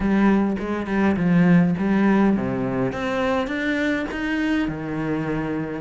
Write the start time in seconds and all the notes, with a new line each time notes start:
0.00 G3
0.59 G#3
0.87 G3
1.16 F3
1.78 G3
2.36 C3
2.92 C4
3.47 D4
4.11 D#4
4.68 D#3